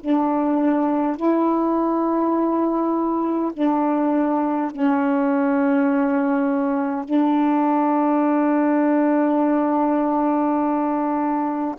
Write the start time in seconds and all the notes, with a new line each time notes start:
0.00 D4
1.17 E4
3.53 D4
4.71 C#4
7.05 D4